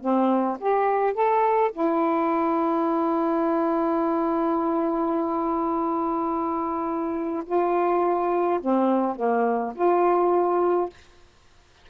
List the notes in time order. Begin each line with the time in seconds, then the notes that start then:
0.00 C4
0.59 G4
1.13 A4
1.72 E4
7.45 F4
8.60 C4
9.15 A#3
9.75 F4